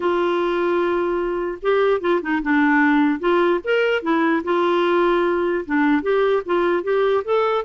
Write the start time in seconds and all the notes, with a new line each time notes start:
0.00 F4
1.61 G4
2.00 F4
2.21 D#4
2.42 D4
3.19 F4
3.64 A#4
4.02 E4
4.44 F4
5.65 D4
6.02 G4
6.45 F4
6.83 G4
7.24 A4